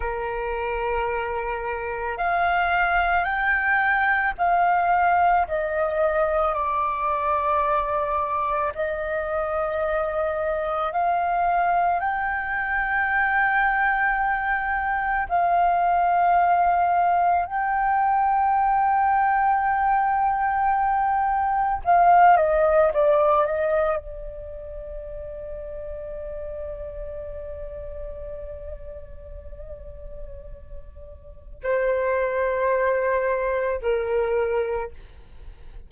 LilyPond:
\new Staff \with { instrumentName = "flute" } { \time 4/4 \tempo 4 = 55 ais'2 f''4 g''4 | f''4 dis''4 d''2 | dis''2 f''4 g''4~ | g''2 f''2 |
g''1 | f''8 dis''8 d''8 dis''8 d''2~ | d''1~ | d''4 c''2 ais'4 | }